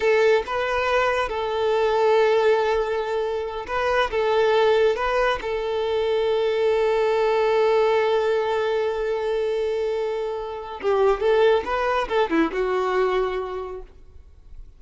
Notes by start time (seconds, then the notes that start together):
0.00 A4
0.46 B4
1.28 A4
3.67 B4
4.10 A4
4.96 B4
5.41 A4
10.81 G4
11.20 A4
11.64 B4
12.08 A4
12.29 E4
12.52 F#4